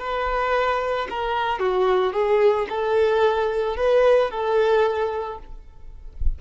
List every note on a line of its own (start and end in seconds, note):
0.00 1.08 B4
1.10 1.60 A#4
1.60 2.13 F#4
2.13 2.67 G#4
2.70 3.77 A4
3.77 4.31 B4
4.31 5.39 A4